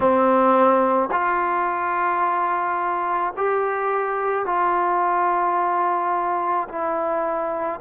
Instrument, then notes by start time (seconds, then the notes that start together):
trombone
0.00 C4
1.11 F4
3.36 G4
4.45 F4
6.69 E4